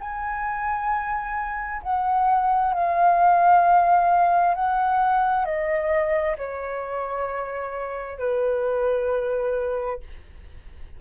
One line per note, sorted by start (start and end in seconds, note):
0.00 1.82 G#5
1.82 2.73 F#5
2.73 4.55 F5
4.55 5.45 F#5
5.45 6.36 D#5
6.37 8.19 C#5
8.19 10.00 B4